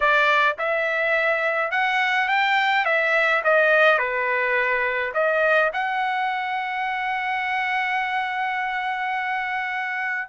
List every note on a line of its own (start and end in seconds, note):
0.00 0.56 D5
0.58 1.71 E5
1.71 2.28 F#5
2.28 2.85 G5
2.85 3.42 E5
3.43 3.98 D#5
3.98 5.12 B4
5.14 5.71 D#5
5.73 10.28 F#5